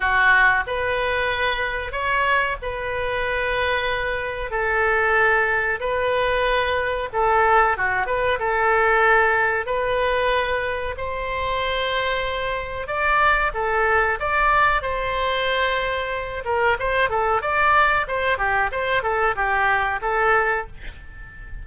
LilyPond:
\new Staff \with { instrumentName = "oboe" } { \time 4/4 \tempo 4 = 93 fis'4 b'2 cis''4 | b'2. a'4~ | a'4 b'2 a'4 | fis'8 b'8 a'2 b'4~ |
b'4 c''2. | d''4 a'4 d''4 c''4~ | c''4. ais'8 c''8 a'8 d''4 | c''8 g'8 c''8 a'8 g'4 a'4 | }